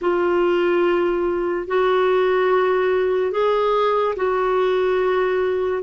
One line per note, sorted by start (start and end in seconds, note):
0.01 1.67 F4
1.67 3.31 F#4
3.31 4.14 G#4
4.16 5.82 F#4